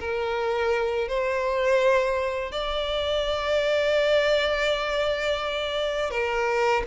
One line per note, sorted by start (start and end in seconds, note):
0.00 1.08 A#4
1.08 2.52 C5
2.52 6.11 D5
6.11 6.83 A#4